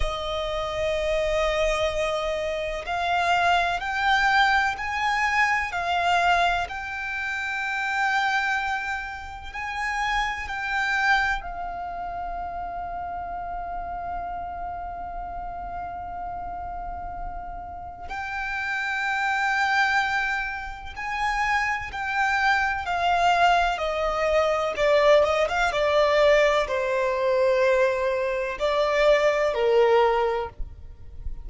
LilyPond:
\new Staff \with { instrumentName = "violin" } { \time 4/4 \tempo 4 = 63 dis''2. f''4 | g''4 gis''4 f''4 g''4~ | g''2 gis''4 g''4 | f''1~ |
f''2. g''4~ | g''2 gis''4 g''4 | f''4 dis''4 d''8 dis''16 f''16 d''4 | c''2 d''4 ais'4 | }